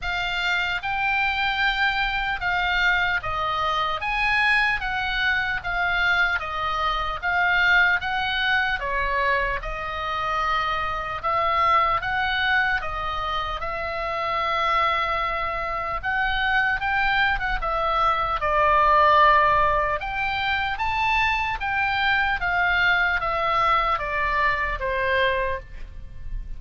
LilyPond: \new Staff \with { instrumentName = "oboe" } { \time 4/4 \tempo 4 = 75 f''4 g''2 f''4 | dis''4 gis''4 fis''4 f''4 | dis''4 f''4 fis''4 cis''4 | dis''2 e''4 fis''4 |
dis''4 e''2. | fis''4 g''8. fis''16 e''4 d''4~ | d''4 g''4 a''4 g''4 | f''4 e''4 d''4 c''4 | }